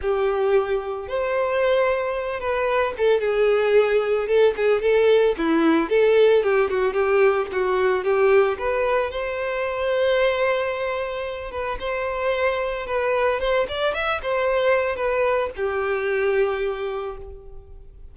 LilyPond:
\new Staff \with { instrumentName = "violin" } { \time 4/4 \tempo 4 = 112 g'2 c''2~ | c''8 b'4 a'8 gis'2 | a'8 gis'8 a'4 e'4 a'4 | g'8 fis'8 g'4 fis'4 g'4 |
b'4 c''2.~ | c''4. b'8 c''2 | b'4 c''8 d''8 e''8 c''4. | b'4 g'2. | }